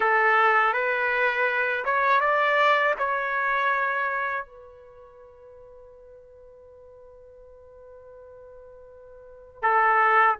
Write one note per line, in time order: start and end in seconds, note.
0.00 0.73 A4
0.73 1.84 B4
1.85 2.20 C#5
2.20 2.94 D5
2.98 4.45 C#5
4.45 9.62 B4
9.62 10.36 A4